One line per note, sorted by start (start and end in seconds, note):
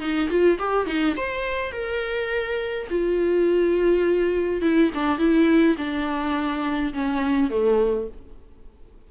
0.00 0.29 D#4
0.30 0.58 F4
0.59 0.87 G4
0.87 1.16 D#4
1.16 1.72 C5
1.72 2.87 A#4
2.90 4.62 F4
4.62 4.91 E4
4.95 5.19 D4
5.19 5.76 E4
5.78 6.93 D4
6.94 7.50 C#4
7.50 8.08 A3